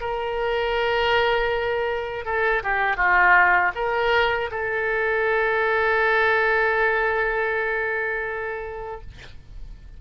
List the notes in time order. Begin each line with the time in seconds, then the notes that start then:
0.00 A#4
2.25 A4
2.63 G4
2.97 F4
3.75 A#4
4.51 A4